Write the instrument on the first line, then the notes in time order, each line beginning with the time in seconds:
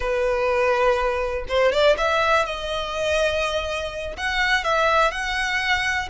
violin
0.00 B4
1.48 C5
1.72 D5
1.97 E5
2.45 D#5
4.17 F#5
4.63 E5
5.11 F#5